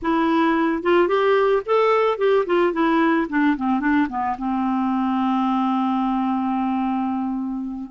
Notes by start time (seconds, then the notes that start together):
0.02 E4
0.83 F4
1.08 G4
1.65 A4
2.18 G4
2.45 F4
2.72 E4
3.29 D4
3.57 C4
3.80 D4
4.09 B3
4.38 C4